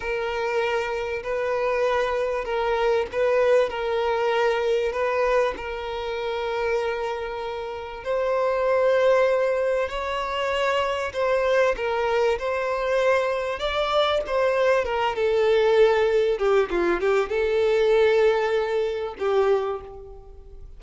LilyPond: \new Staff \with { instrumentName = "violin" } { \time 4/4 \tempo 4 = 97 ais'2 b'2 | ais'4 b'4 ais'2 | b'4 ais'2.~ | ais'4 c''2. |
cis''2 c''4 ais'4 | c''2 d''4 c''4 | ais'8 a'2 g'8 f'8 g'8 | a'2. g'4 | }